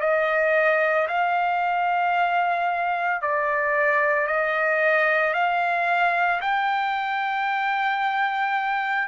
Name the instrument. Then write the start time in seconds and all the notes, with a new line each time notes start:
trumpet
0.00 D#5
1.08 F5
3.21 D5
4.27 D#5
5.33 F5
6.41 G5